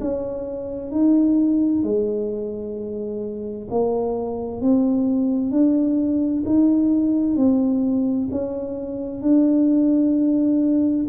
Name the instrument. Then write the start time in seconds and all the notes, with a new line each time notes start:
tuba
0.00 C#4
0.91 D#4
1.83 G#3
3.70 A#3
4.61 C4
5.51 D4
6.45 D#4
7.36 C4
8.31 C#4
9.21 D4